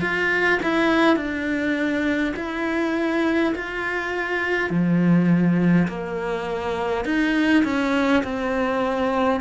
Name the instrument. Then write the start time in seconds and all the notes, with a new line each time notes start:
cello
0.00 F4
0.62 E4
1.16 D4
2.36 E4
3.55 F4
4.70 F3
5.88 A#3
7.05 D#4
7.64 C#4
8.24 C4